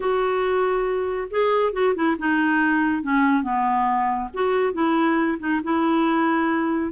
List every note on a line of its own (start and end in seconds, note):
0.00 1.28 F#4
1.30 1.72 G#4
1.72 1.94 F#4
1.95 2.16 E4
2.18 3.02 D#4
3.02 3.42 C#4
3.42 4.29 B3
4.33 4.73 F#4
4.73 5.37 E4
5.39 5.60 D#4
5.63 6.92 E4